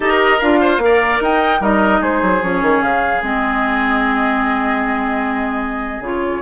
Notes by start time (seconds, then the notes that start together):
0.00 D#4 G4 A#4 D#5
0.39 D4 F4 F5
0.61 C5
0.78 A#3 A#4
0.84 D5
1.20 D#4 D#5 G5
1.60 G3 D#4 A#4 D#5
2.00 G#3 G#4 C5
2.21 F#3
2.42 F3 C#4 C#5
2.61 D#3
2.81 C#3 F5
3.21 G#3 C4 D#5
6.00 C#3 F4 C#5